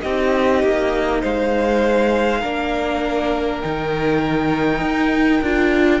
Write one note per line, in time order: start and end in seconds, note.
0.00 0.62 C4
0.00 2.42 D#4
0.00 1.21 G4
0.00 1.20 D#5
0.62 1.23 A#3
1.21 2.43 G#3
1.21 2.40 C5
1.21 3.60 F5
2.40 3.62 A#3
2.40 3.62 D4
2.40 6.00 A#4
3.60 4.80 D#3
3.60 5.42 D#4
3.60 6.00 G5
4.80 5.41 D#4
5.41 6.00 D4
5.41 6.00 F4